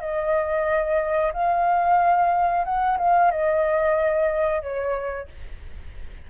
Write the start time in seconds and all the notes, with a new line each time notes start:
0.00 D#5
1.33 F5
2.64 F#5
2.98 F5
3.31 D#5
4.62 C#5